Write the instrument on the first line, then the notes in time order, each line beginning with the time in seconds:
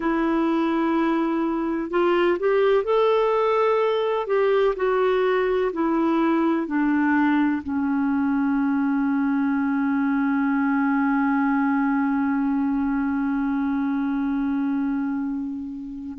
clarinet
0.00 E4
1.90 F4
2.39 G4
2.84 A4
4.26 G4
4.76 F#4
5.72 E4
6.66 D4
7.62 C#4